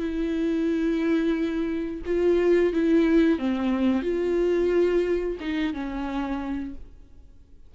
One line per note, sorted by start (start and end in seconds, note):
0.00 2.02 E4
2.06 2.73 F4
2.74 3.39 E4
3.39 4.03 C4
4.03 5.37 F4
5.41 5.74 D#4
5.74 6.75 C#4